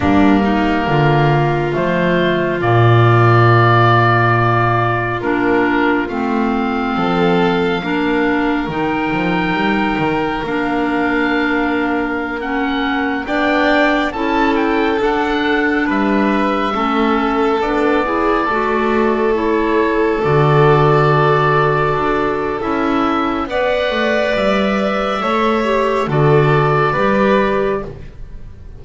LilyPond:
<<
  \new Staff \with { instrumentName = "oboe" } { \time 4/4 \tempo 4 = 69 ais'2 c''4 d''4~ | d''2 ais'4 f''4~ | f''2 g''2 | f''2~ f''16 fis''4 g''8.~ |
g''16 a''8 g''8 fis''4 e''4.~ e''16~ | e''16 d''2 cis''4 d''8.~ | d''2 e''4 fis''4 | e''2 d''2 | }
  \new Staff \with { instrumentName = "violin" } { \time 4/4 d'8 dis'8 f'2.~ | f'1 | a'4 ais'2.~ | ais'2.~ ais'16 d''8.~ |
d''16 a'2 b'4 a'8.~ | a'8. gis'8 a'2~ a'8.~ | a'2. d''4~ | d''4 cis''4 a'4 b'4 | }
  \new Staff \with { instrumentName = "clarinet" } { \time 4/4 ais2 a4 ais4~ | ais2 d'4 c'4~ | c'4 d'4 dis'2 | d'2~ d'16 cis'4 d'8.~ |
d'16 e'4 d'2 cis'8.~ | cis'16 d'8 e'8 fis'4 e'4 fis'8.~ | fis'2 e'4 b'4~ | b'4 a'8 g'8 fis'4 g'4 | }
  \new Staff \with { instrumentName = "double bass" } { \time 4/4 g4 d4 f4 ais,4~ | ais,2 ais4 a4 | f4 ais4 dis8 f8 g8 dis8 | ais2.~ ais16 b8.~ |
b16 cis'4 d'4 g4 a8.~ | a16 b4 a2 d8.~ | d4~ d16 d'8. cis'4 b8 a8 | g4 a4 d4 g4 | }
>>